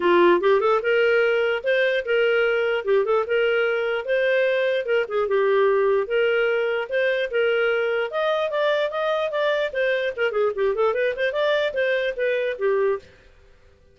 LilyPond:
\new Staff \with { instrumentName = "clarinet" } { \time 4/4 \tempo 4 = 148 f'4 g'8 a'8 ais'2 | c''4 ais'2 g'8 a'8 | ais'2 c''2 | ais'8 gis'8 g'2 ais'4~ |
ais'4 c''4 ais'2 | dis''4 d''4 dis''4 d''4 | c''4 ais'8 gis'8 g'8 a'8 b'8 c''8 | d''4 c''4 b'4 g'4 | }